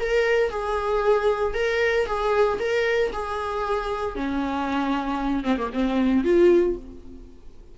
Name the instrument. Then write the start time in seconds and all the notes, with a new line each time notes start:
viola
0.00 A#4
0.50 G#4
1.54 A#4
2.06 G#4
2.59 A#4
3.13 G#4
4.15 C#4
5.44 C4
5.57 A#3
5.73 C4
6.24 F4